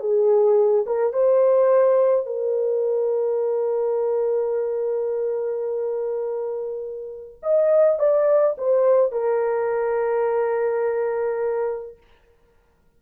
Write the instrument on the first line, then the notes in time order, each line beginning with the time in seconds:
horn
0.00 G#4
0.86 A#4
1.14 C5
2.27 A#4
7.43 D#5
7.99 D5
8.58 C5
9.12 A#4